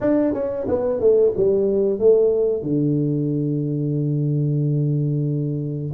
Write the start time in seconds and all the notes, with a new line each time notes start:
0.00 D4
0.33 C#4
0.67 B3
1.00 A3
1.36 G3
1.99 A3
2.62 D3